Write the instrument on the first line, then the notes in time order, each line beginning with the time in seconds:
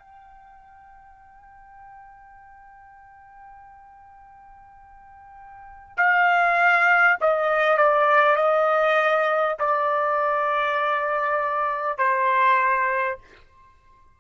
trumpet
0.00 G5
5.98 F5
7.21 D#5
7.78 D5
8.36 D#5
9.59 D5
11.99 C5